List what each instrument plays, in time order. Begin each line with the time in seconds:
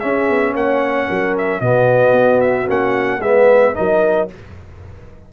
0.00 trombone C#4, tuba C#4, horn G#4, trumpet E5
0.30 tuba B3
0.53 tuba A#3, horn C#5, trumpet F#5
1.07 tuba F#3, horn A#4
1.38 trumpet E5
1.61 tuba B2, trombone B3, horn F#4, trumpet D#5
2.13 tuba B3
2.41 trumpet E5
2.67 tuba A#3, trombone C#4, trumpet F#5
3.19 tuba G#3, trombone B3, horn B4, trumpet E5
3.74 tuba F#3, trombone D#4, horn A#4, trumpet D#5